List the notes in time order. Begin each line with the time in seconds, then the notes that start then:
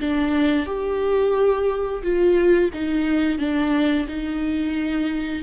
0.00 D4
0.66 G4
2.02 F4
2.73 D#4
3.38 D4
4.08 D#4